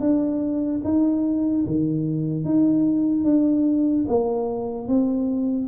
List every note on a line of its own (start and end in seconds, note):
0.00 0.81 D4
0.84 1.65 D#4
1.66 2.44 D#3
2.44 3.24 D#4
3.24 4.05 D4
4.08 4.88 A#3
4.88 5.68 C4